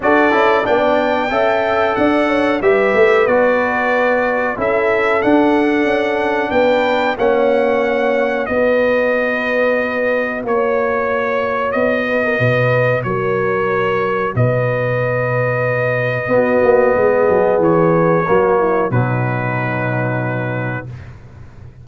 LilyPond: <<
  \new Staff \with { instrumentName = "trumpet" } { \time 4/4 \tempo 4 = 92 d''4 g''2 fis''4 | e''4 d''2 e''4 | fis''2 g''4 fis''4~ | fis''4 dis''2. |
cis''2 dis''2 | cis''2 dis''2~ | dis''2. cis''4~ | cis''4 b'2. | }
  \new Staff \with { instrumentName = "horn" } { \time 4/4 a'4 d''4 e''4 d''8 cis''8 | b'2. a'4~ | a'2 b'4 cis''4~ | cis''4 b'2. |
cis''2~ cis''8 b'16 ais'16 b'4 | ais'2 b'2~ | b'4 fis'4 gis'2 | fis'8 e'8 dis'2. | }
  \new Staff \with { instrumentName = "trombone" } { \time 4/4 fis'8 e'8 d'4 a'2 | g'4 fis'2 e'4 | d'2. cis'4~ | cis'4 fis'2.~ |
fis'1~ | fis'1~ | fis'4 b2. | ais4 fis2. | }
  \new Staff \with { instrumentName = "tuba" } { \time 4/4 d'8 cis'8 b4 cis'4 d'4 | g8 a8 b2 cis'4 | d'4 cis'4 b4 ais4~ | ais4 b2. |
ais2 b4 b,4 | fis2 b,2~ | b,4 b8 ais8 gis8 fis8 e4 | fis4 b,2. | }
>>